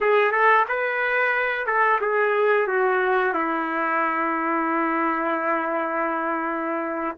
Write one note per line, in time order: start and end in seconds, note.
0.00 0.32 G#4
0.32 0.65 A4
0.68 1.66 B4
1.66 1.99 A4
2.00 2.67 G#4
2.67 3.33 F#4
3.33 7.17 E4